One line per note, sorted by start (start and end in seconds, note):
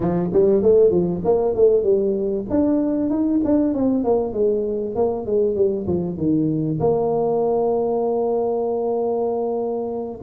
0.00 0.30 F3
0.33 0.62 G3
0.62 0.90 A3
0.90 1.21 F3
1.24 1.54 A#3
1.54 1.83 A3
1.83 2.45 G3
2.50 3.10 D4
3.10 3.40 D#4
3.44 3.73 D4
3.73 4.04 C4
4.04 4.33 A#3
4.33 4.95 G#3
4.95 5.26 A#3
5.26 5.55 G#3
5.55 5.86 G3
5.87 6.17 F3
6.17 6.79 D#3
6.80 10.20 A#3